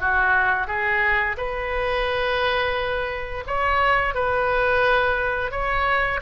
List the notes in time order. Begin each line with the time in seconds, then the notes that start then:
0.00 F#4
0.67 G#4
1.37 B4
3.47 C#5
4.14 B4
5.51 C#5